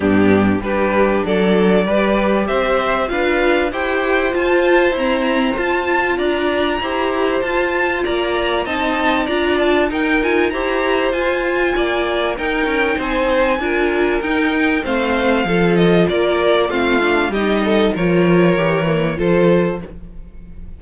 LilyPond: <<
  \new Staff \with { instrumentName = "violin" } { \time 4/4 \tempo 4 = 97 g'4 b'4 d''2 | e''4 f''4 g''4 a''4 | ais''4 a''4 ais''2 | a''4 ais''4 a''4 ais''8 a''8 |
g''8 gis''8 ais''4 gis''2 | g''4 gis''2 g''4 | f''4. dis''8 d''4 f''4 | dis''4 cis''2 c''4 | }
  \new Staff \with { instrumentName = "violin" } { \time 4/4 d'4 g'4 a'4 b'4 | c''4 b'4 c''2~ | c''2 d''4 c''4~ | c''4 d''4 dis''4 d''4 |
ais'4 c''2 d''4 | ais'4 c''4 ais'2 | c''4 a'4 ais'4 f'4 | g'8 a'8 ais'2 a'4 | }
  \new Staff \with { instrumentName = "viola" } { \time 4/4 b4 d'2 g'4~ | g'4 f'4 g'4 f'4 | c'4 f'2 g'4 | f'2 dis'4 f'4 |
dis'8 f'8 g'4 f'2 | dis'2 f'4 dis'4 | c'4 f'2 c'8 d'8 | dis'4 f'4 g'8 ais8 f'4 | }
  \new Staff \with { instrumentName = "cello" } { \time 4/4 g,4 g4 fis4 g4 | c'4 d'4 e'4 f'4 | e'4 f'4 d'4 e'4 | f'4 ais4 c'4 d'4 |
dis'4 e'4 f'4 ais4 | dis'8 cis'8 c'4 d'4 dis'4 | a4 f4 ais4 a4 | g4 f4 e4 f4 | }
>>